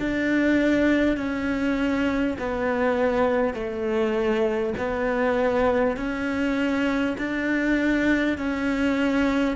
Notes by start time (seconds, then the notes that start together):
0.00 D4
1.17 C#4
2.38 B3
3.53 A3
4.78 B3
5.97 C#4
7.17 D4
8.38 C#4